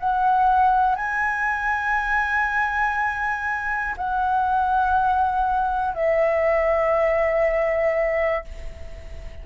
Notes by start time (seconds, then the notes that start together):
0.00 F#5
0.96 G#5
3.98 F#5
5.95 E5